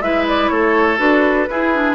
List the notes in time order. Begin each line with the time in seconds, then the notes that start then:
0.00 G#3 E4 B4 E5
0.28 D5
0.49 A3 A4 C#5
0.97 D4 F#4 B4
1.50 E4 G#4
1.74 D4